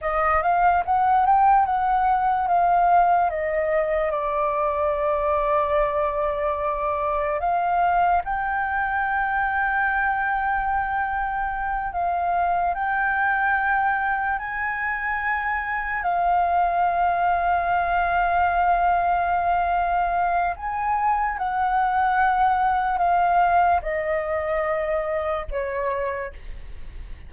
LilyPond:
\new Staff \with { instrumentName = "flute" } { \time 4/4 \tempo 4 = 73 dis''8 f''8 fis''8 g''8 fis''4 f''4 | dis''4 d''2.~ | d''4 f''4 g''2~ | g''2~ g''8 f''4 g''8~ |
g''4. gis''2 f''8~ | f''1~ | f''4 gis''4 fis''2 | f''4 dis''2 cis''4 | }